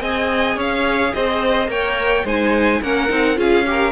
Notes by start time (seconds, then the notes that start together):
0.00 C4 G#4 D#5 G#5
0.56 C#4 C#5 F5
1.13 C4 C5 D#5
1.67 A#3 A#4 C#5 G5
2.24 G#3 D#4 C5 G#5
2.82 A#3 C#4 A#4 F#5
3.08 C4 D#4
3.36 C#4 F4 G#4 F5
3.66 G4 A#4